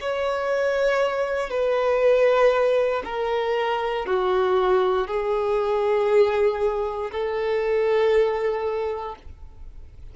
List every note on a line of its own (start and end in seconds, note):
0.00 1.50 C#5
1.50 3.02 B4
3.04 4.06 A#4
4.06 5.07 F#4
5.07 7.10 G#4
7.11 9.15 A4